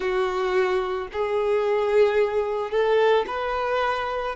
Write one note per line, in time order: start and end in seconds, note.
0.00 1.08 F#4
1.12 2.70 G#4
2.70 3.25 A4
3.27 4.35 B4